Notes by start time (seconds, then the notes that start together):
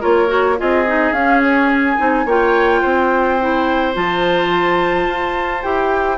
0.00 A#3 F4 A#4 C#5
0.27 F#4
0.57 C4 F4 G#4 D#5
0.86 D#4
1.11 C#4 F5
1.43 C#5
1.72 G#5
1.97 C4 D#4
2.25 A#3 F4 C#5 G5
2.81 C4 C5
3.40 E4
3.93 F3 F4 A5
5.07 F4
5.62 E4 G4 G5